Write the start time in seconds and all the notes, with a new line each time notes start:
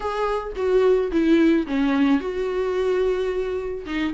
0.00 G#4
0.56 F#4
1.11 E4
1.66 C#4
2.20 F#4
3.86 D#4